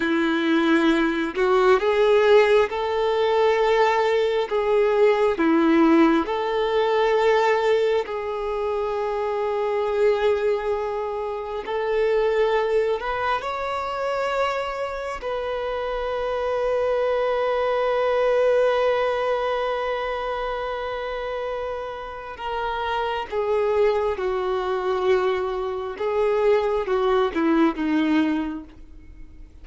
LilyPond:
\new Staff \with { instrumentName = "violin" } { \time 4/4 \tempo 4 = 67 e'4. fis'8 gis'4 a'4~ | a'4 gis'4 e'4 a'4~ | a'4 gis'2.~ | gis'4 a'4. b'8 cis''4~ |
cis''4 b'2.~ | b'1~ | b'4 ais'4 gis'4 fis'4~ | fis'4 gis'4 fis'8 e'8 dis'4 | }